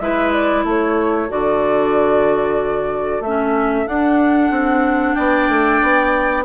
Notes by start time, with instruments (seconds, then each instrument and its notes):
0.00 bassoon G#3, clarinet E4, oboe B4, flute E5
0.33 flute D5
0.65 bassoon A3, oboe A4, flute C#5
1.29 bassoon D3, clarinet F#4, flute D5
3.20 bassoon A3, flute E5
3.26 clarinet C#4
3.87 clarinet D4, bassoon D4, flute F#5
4.51 bassoon C4
5.15 bassoon B3, oboe D5, flute G5
5.49 bassoon A3
5.83 bassoon B3